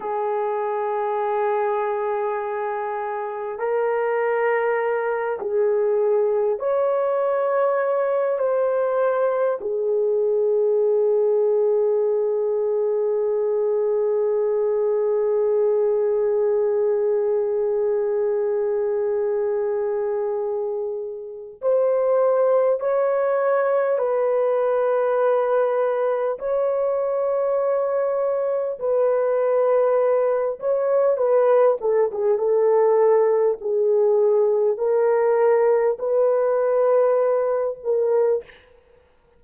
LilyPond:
\new Staff \with { instrumentName = "horn" } { \time 4/4 \tempo 4 = 50 gis'2. ais'4~ | ais'8 gis'4 cis''4. c''4 | gis'1~ | gis'1~ |
gis'2 c''4 cis''4 | b'2 cis''2 | b'4. cis''8 b'8 a'16 gis'16 a'4 | gis'4 ais'4 b'4. ais'8 | }